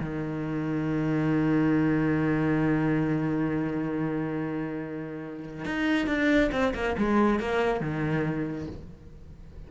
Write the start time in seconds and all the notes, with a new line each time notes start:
0.00 D#3
5.65 D#4
6.07 D4
6.52 C4
6.74 A#3
6.98 G#3
7.40 A#3
7.80 D#3